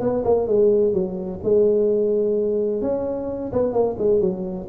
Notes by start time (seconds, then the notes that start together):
0.00 B3
0.24 A#3
0.47 G#3
0.93 F#3
1.43 G#3
2.81 C#4
3.52 B3
3.72 A#3
3.98 G#3
4.20 F#3